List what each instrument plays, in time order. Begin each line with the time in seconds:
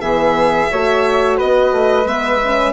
0.00 bassoon E3, horn B3, flute G#4, violin E5
0.70 bassoon A3, horn F#4, flute C#5
1.37 bassoon B3, flute B4, violin D#5
1.71 bassoon A3
2.04 bassoon G#3, horn B3, violin E5
2.42 horn C#4